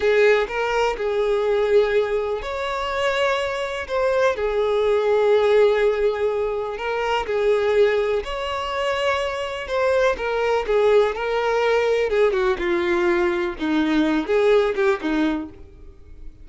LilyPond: \new Staff \with { instrumentName = "violin" } { \time 4/4 \tempo 4 = 124 gis'4 ais'4 gis'2~ | gis'4 cis''2. | c''4 gis'2.~ | gis'2 ais'4 gis'4~ |
gis'4 cis''2. | c''4 ais'4 gis'4 ais'4~ | ais'4 gis'8 fis'8 f'2 | dis'4. gis'4 g'8 dis'4 | }